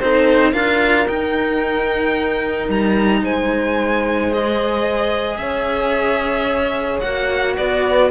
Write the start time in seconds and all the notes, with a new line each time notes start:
0.00 C4 D#4 A4 C5
0.53 D4 F4 A#4 F5
1.06 D#4 G5
2.68 G3 A#5
3.22 G#3 C5 G#5
4.32 G#4 D#5
5.37 C#4 C#5 E5
7.00 A#3 F#4 F#5
7.57 B3 B4 D5